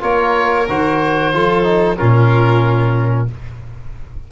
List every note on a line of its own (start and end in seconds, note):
0.00 0.68 A#3
0.00 0.65 F4
0.00 1.33 A#4
0.00 0.67 C#5
0.68 1.34 D#3
0.68 1.33 F#4
0.68 1.97 C5
1.33 1.99 F3
1.33 1.63 F4
1.33 1.98 A4
1.63 1.96 D#4
1.97 3.31 A#2
1.97 3.28 C#4
1.97 3.28 F4
1.97 3.27 A#4